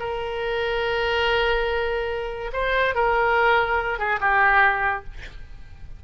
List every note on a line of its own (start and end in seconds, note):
0.00 2.52 A#4
2.53 2.95 C5
2.95 3.99 A#4
3.99 4.20 G#4
4.21 5.05 G4